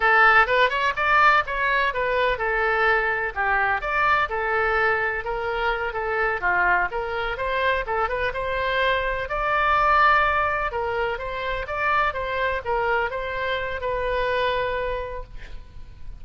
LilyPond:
\new Staff \with { instrumentName = "oboe" } { \time 4/4 \tempo 4 = 126 a'4 b'8 cis''8 d''4 cis''4 | b'4 a'2 g'4 | d''4 a'2 ais'4~ | ais'8 a'4 f'4 ais'4 c''8~ |
c''8 a'8 b'8 c''2 d''8~ | d''2~ d''8 ais'4 c''8~ | c''8 d''4 c''4 ais'4 c''8~ | c''4 b'2. | }